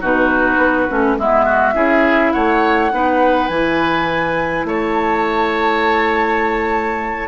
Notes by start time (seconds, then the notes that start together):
0.00 B2 D#4 F#4 B4
0.57 B3
0.89 A3 C#4
1.17 G#3 B3 E4 E5
1.44 F#4
1.74 C#4 E4 G#4
2.32 A3 C#5 F#5
2.91 B3 D#4 B4
3.47 E3 E4 G#5
4.64 A3 C#5 A5